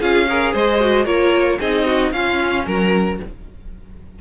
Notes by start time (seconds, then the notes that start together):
0.00 C#4 F4 G#4 F5
0.29 G#4 A#4
0.53 G#3 C5 D#5
0.80 F#4
1.05 A#3 F4 A#4 C#5
1.60 C4 D#4 G#4 D#5
1.86 F#4
2.12 C#4 F4 F5
2.66 F#3 A#4 A#5